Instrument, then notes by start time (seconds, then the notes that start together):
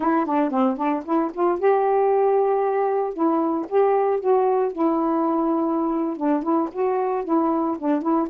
saxophone
0.00 E4
0.25 D4
0.50 C4
0.77 D4
1.05 E4
1.33 F4
1.59 G4
3.13 E4
3.68 G4
4.19 F#4
4.72 E4
6.16 D4
6.42 E4
6.72 F#4
7.24 E4
7.78 D4
8.01 E4